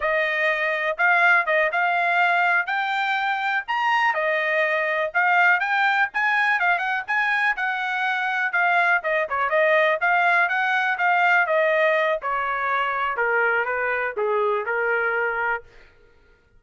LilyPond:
\new Staff \with { instrumentName = "trumpet" } { \time 4/4 \tempo 4 = 123 dis''2 f''4 dis''8 f''8~ | f''4. g''2 ais''8~ | ais''8 dis''2 f''4 g''8~ | g''8 gis''4 f''8 fis''8 gis''4 fis''8~ |
fis''4. f''4 dis''8 cis''8 dis''8~ | dis''8 f''4 fis''4 f''4 dis''8~ | dis''4 cis''2 ais'4 | b'4 gis'4 ais'2 | }